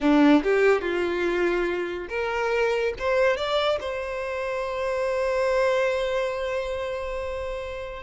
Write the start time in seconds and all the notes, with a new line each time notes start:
0.00 D4
0.43 G4
0.81 F4
2.09 A#4
2.98 C5
3.36 D5
3.80 C5